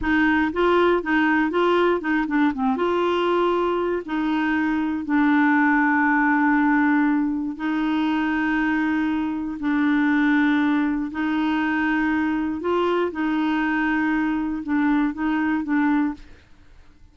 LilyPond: \new Staff \with { instrumentName = "clarinet" } { \time 4/4 \tempo 4 = 119 dis'4 f'4 dis'4 f'4 | dis'8 d'8 c'8 f'2~ f'8 | dis'2 d'2~ | d'2. dis'4~ |
dis'2. d'4~ | d'2 dis'2~ | dis'4 f'4 dis'2~ | dis'4 d'4 dis'4 d'4 | }